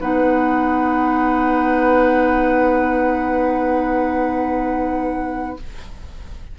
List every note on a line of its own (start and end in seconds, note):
0.00 5.58 B3
0.00 5.57 D#4
0.00 5.57 B4
0.00 5.59 F#5